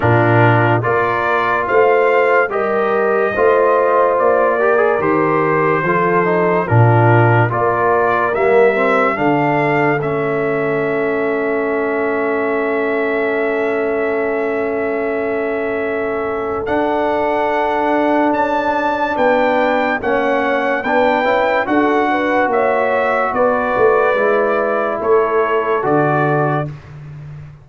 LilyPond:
<<
  \new Staff \with { instrumentName = "trumpet" } { \time 4/4 \tempo 4 = 72 ais'4 d''4 f''4 dis''4~ | dis''4 d''4 c''2 | ais'4 d''4 e''4 f''4 | e''1~ |
e''1 | fis''2 a''4 g''4 | fis''4 g''4 fis''4 e''4 | d''2 cis''4 d''4 | }
  \new Staff \with { instrumentName = "horn" } { \time 4/4 f'4 ais'4 c''4 ais'4 | c''4. ais'4. a'4 | f'4 ais'2 a'4~ | a'1~ |
a'1~ | a'2. b'4 | cis''4 b'4 a'8 b'8 cis''4 | b'2 a'2 | }
  \new Staff \with { instrumentName = "trombone" } { \time 4/4 d'4 f'2 g'4 | f'4. g'16 gis'16 g'4 f'8 dis'8 | d'4 f'4 ais8 c'8 d'4 | cis'1~ |
cis'1 | d'1 | cis'4 d'8 e'8 fis'2~ | fis'4 e'2 fis'4 | }
  \new Staff \with { instrumentName = "tuba" } { \time 4/4 ais,4 ais4 a4 g4 | a4 ais4 dis4 f4 | ais,4 ais4 g4 d4 | a1~ |
a1 | d'2 cis'4 b4 | ais4 b8 cis'8 d'4 ais4 | b8 a8 gis4 a4 d4 | }
>>